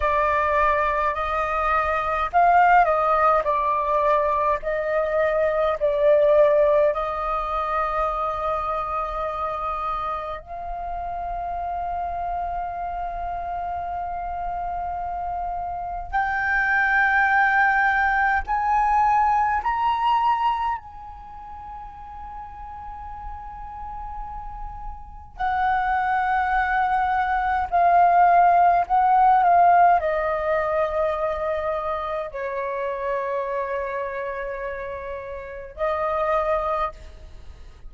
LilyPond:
\new Staff \with { instrumentName = "flute" } { \time 4/4 \tempo 4 = 52 d''4 dis''4 f''8 dis''8 d''4 | dis''4 d''4 dis''2~ | dis''4 f''2.~ | f''2 g''2 |
gis''4 ais''4 gis''2~ | gis''2 fis''2 | f''4 fis''8 f''8 dis''2 | cis''2. dis''4 | }